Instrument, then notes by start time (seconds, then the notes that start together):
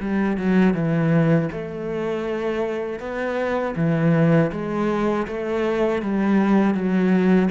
cello
0.00 G3
0.37 F#3
0.74 E3
1.52 A3
2.99 B3
3.76 E3
4.51 G#3
5.27 A3
6.02 G3
6.74 F#3